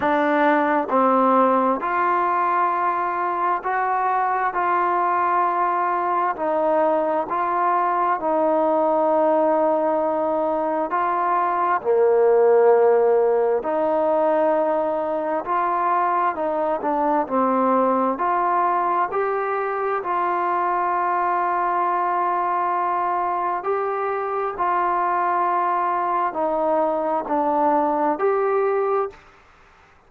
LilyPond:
\new Staff \with { instrumentName = "trombone" } { \time 4/4 \tempo 4 = 66 d'4 c'4 f'2 | fis'4 f'2 dis'4 | f'4 dis'2. | f'4 ais2 dis'4~ |
dis'4 f'4 dis'8 d'8 c'4 | f'4 g'4 f'2~ | f'2 g'4 f'4~ | f'4 dis'4 d'4 g'4 | }